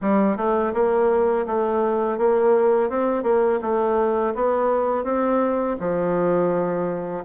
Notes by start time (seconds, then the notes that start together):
0.01 G3
0.36 A3
0.73 A#3
1.46 A3
2.18 A#3
2.89 C4
3.23 A#3
3.61 A3
4.34 B3
5.04 C4
5.79 F3